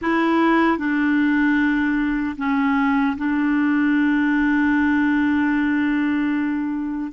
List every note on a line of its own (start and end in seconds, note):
0.01 0.78 E4
0.78 2.35 D4
2.37 3.16 C#4
3.17 7.12 D4